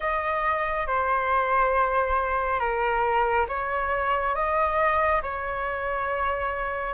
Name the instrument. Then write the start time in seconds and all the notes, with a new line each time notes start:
flute
0.00 D#5
0.87 C5
2.59 A#4
3.48 C#5
4.34 D#5
5.22 C#5